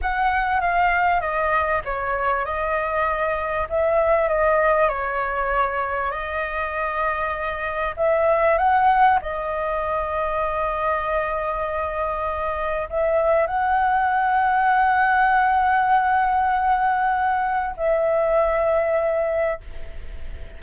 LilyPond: \new Staff \with { instrumentName = "flute" } { \time 4/4 \tempo 4 = 98 fis''4 f''4 dis''4 cis''4 | dis''2 e''4 dis''4 | cis''2 dis''2~ | dis''4 e''4 fis''4 dis''4~ |
dis''1~ | dis''4 e''4 fis''2~ | fis''1~ | fis''4 e''2. | }